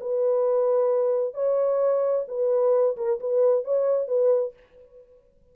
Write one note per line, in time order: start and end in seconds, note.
0.00 1.34 B4
1.34 2.25 C#5
2.28 2.96 B4
2.97 3.19 A#4
3.20 3.64 B4
3.64 4.07 C#5
4.07 4.53 B4